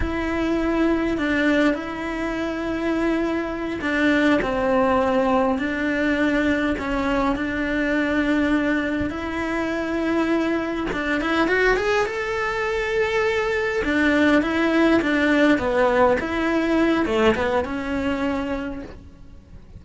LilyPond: \new Staff \with { instrumentName = "cello" } { \time 4/4 \tempo 4 = 102 e'2 d'4 e'4~ | e'2~ e'8 d'4 c'8~ | c'4. d'2 cis'8~ | cis'8 d'2. e'8~ |
e'2~ e'8 d'8 e'8 fis'8 | gis'8 a'2. d'8~ | d'8 e'4 d'4 b4 e'8~ | e'4 a8 b8 cis'2 | }